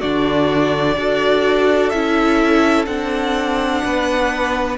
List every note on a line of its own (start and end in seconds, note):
0.00 0.97 D3
0.00 0.97 D4
0.00 0.95 F#4
0.00 1.89 D5
0.97 1.92 D4
0.97 1.93 F#4
0.97 3.84 A4
1.89 2.87 C#4
1.89 2.87 E4
1.89 2.85 E5
2.86 3.82 C4
2.86 4.77 D4
2.86 4.76 F#5
3.84 4.78 B3
3.84 4.78 B4